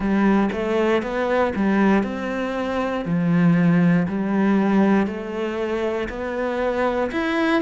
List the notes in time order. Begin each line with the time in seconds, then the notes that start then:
0.00 G3
0.52 A3
1.02 B3
1.55 G3
2.03 C4
3.05 F3
4.07 G3
5.06 A3
6.09 B3
7.11 E4